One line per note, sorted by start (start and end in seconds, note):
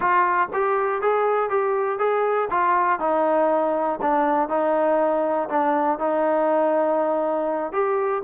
0.00 0.48 F4
0.53 1.01 G4
1.01 1.49 G#4
1.49 1.98 G4
1.98 2.48 G#4
2.50 2.99 F4
2.99 3.99 D#4
4.01 4.48 D4
4.48 5.48 D#4
5.49 5.98 D4
5.98 7.72 D#4
7.72 8.22 G4